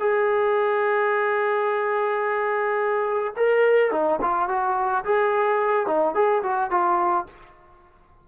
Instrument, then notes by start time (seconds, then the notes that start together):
trombone
0.00 G#4
3.37 A#4
3.92 D#4
4.22 F4
4.49 F#4
5.05 G#4
5.87 D#4
6.14 G#4
6.43 F#4
6.71 F4